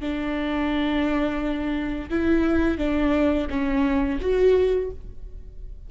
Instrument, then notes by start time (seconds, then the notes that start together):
viola
0.00 D4
2.09 E4
2.78 D4
3.49 C#4
4.21 F#4